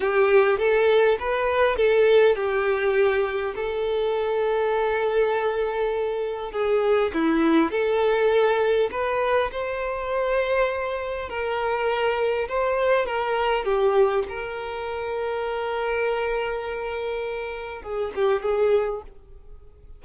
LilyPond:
\new Staff \with { instrumentName = "violin" } { \time 4/4 \tempo 4 = 101 g'4 a'4 b'4 a'4 | g'2 a'2~ | a'2. gis'4 | e'4 a'2 b'4 |
c''2. ais'4~ | ais'4 c''4 ais'4 g'4 | ais'1~ | ais'2 gis'8 g'8 gis'4 | }